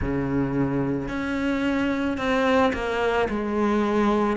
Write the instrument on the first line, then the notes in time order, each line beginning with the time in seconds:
cello
0.01 C#3
1.08 C#4
2.17 C4
2.73 A#3
3.29 G#3